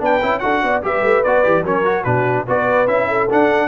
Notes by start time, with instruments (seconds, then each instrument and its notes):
0.00 tuba B3, trombone D4, horn B4, trumpet G5
0.23 tuba C#4, trombone E4
0.40 tuba D4, trombone F#4, horn A4, trumpet F#5
0.64 tuba B3, horn D5
0.83 tuba G3, trombone G4, horn B4, trumpet E5
1.04 tuba A3
1.24 tuba B3, trombone F#4, trumpet D5
1.44 tuba E3, trombone G4
1.64 tuba F#3, trombone C#4, horn A#4, trumpet C#5
1.85 trombone F#4
2.04 tuba B2, trombone D4, horn F#4, trumpet B4
2.48 tuba B3, trombone F#4, horn B4, trumpet D5
2.87 tuba C#4, trombone E4, trumpet E5
3.09 horn A4
3.30 trombone D4, tuba D4, trumpet F#5